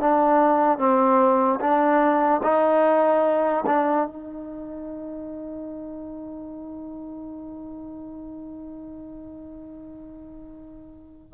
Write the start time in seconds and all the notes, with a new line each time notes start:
0.00 D4
0.78 C4
1.60 D4
2.43 D#4
3.66 D4
4.07 D#4